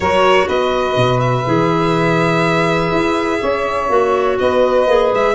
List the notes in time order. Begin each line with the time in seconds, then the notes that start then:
0.00 F#3 F#4 A#4 C#5
0.46 B3 B4 D#5
0.95 B2
1.20 E5
1.45 E3 G#4
2.91 E4
3.40 C#4 C#5
3.89 A#3 F#4
4.39 B3 B4 D#5
4.87 A#3 G#4
5.13 G#3 E5